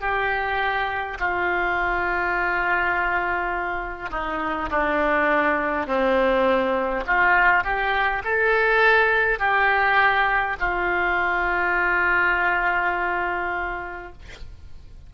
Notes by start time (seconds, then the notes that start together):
0.00 G4
1.19 F4
4.10 D#4
4.70 D4
5.86 C4
7.06 F4
7.64 G4
8.24 A4
9.39 G4
10.59 F4